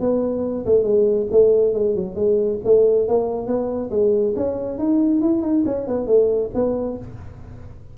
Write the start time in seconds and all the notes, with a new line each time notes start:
0.00 B3
0.65 A3
0.83 G#3
1.31 A3
1.74 G#3
1.95 F#3
2.15 G#3
2.64 A3
3.08 A#3
3.47 B3
3.91 G#3
4.36 C#4
4.78 D#4
5.21 E4
5.42 D#4
5.66 C#4
5.87 B3
6.07 A3
6.54 B3